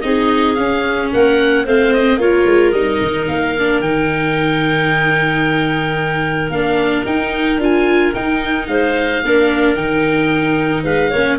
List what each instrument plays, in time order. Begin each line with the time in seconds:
0.00 tuba C4, viola D#4, clarinet G#4, oboe D#5
0.54 viola C#4, tuba C#4, oboe F5
1.12 tuba A#3, clarinet A#4, oboe F#5
1.64 tuba A3, viola C4, clarinet C5, oboe F5
1.93 oboe D#5
2.17 tuba A#3, viola F4, clarinet A#4, oboe C#5
2.45 tuba G#3
2.71 tuba G3, viola D#4, oboe D#5
3.01 tuba D#3
3.27 tuba A#3, oboe F5
3.58 viola D4
3.80 tuba D#3, viola D#4, oboe G5
6.49 tuba A#3, viola D4, oboe F5
7.05 tuba D#4, viola D#4, oboe G5
7.58 tuba D4, viola F4, oboe G#5
8.14 viola D#4, tuba D#4, oboe G5
8.67 tuba G#3, clarinet C5, oboe F5
9.23 tuba A#3, viola D4, clarinet A#4
9.75 tuba D#3, viola D#4, oboe G5
10.83 tuba G#3, clarinet B4, oboe F5
11.10 tuba A#3, viola C#4, clarinet C#5